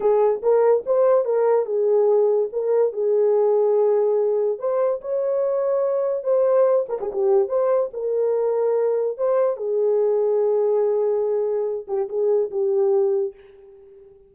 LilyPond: \new Staff \with { instrumentName = "horn" } { \time 4/4 \tempo 4 = 144 gis'4 ais'4 c''4 ais'4 | gis'2 ais'4 gis'4~ | gis'2. c''4 | cis''2. c''4~ |
c''8 ais'16 gis'16 g'4 c''4 ais'4~ | ais'2 c''4 gis'4~ | gis'1~ | gis'8 g'8 gis'4 g'2 | }